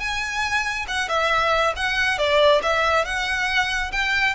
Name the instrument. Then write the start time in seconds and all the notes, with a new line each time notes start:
violin
0.00 G#5
0.88 F#5
1.09 E5
1.77 F#5
2.18 D5
2.63 E5
3.05 F#5
3.92 G5